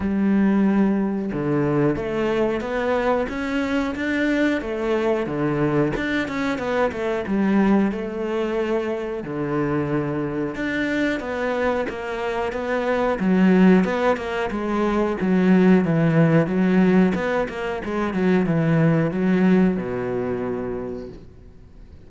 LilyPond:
\new Staff \with { instrumentName = "cello" } { \time 4/4 \tempo 4 = 91 g2 d4 a4 | b4 cis'4 d'4 a4 | d4 d'8 cis'8 b8 a8 g4 | a2 d2 |
d'4 b4 ais4 b4 | fis4 b8 ais8 gis4 fis4 | e4 fis4 b8 ais8 gis8 fis8 | e4 fis4 b,2 | }